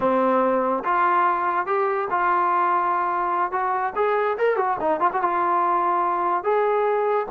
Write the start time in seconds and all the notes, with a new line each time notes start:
0.00 C4
0.84 F4
1.66 G4
2.10 F4
3.51 F#4
3.95 G#4
4.37 A#4
4.56 F#4
4.80 D#4
5.00 F4
5.12 F#4
5.22 F4
6.43 G#4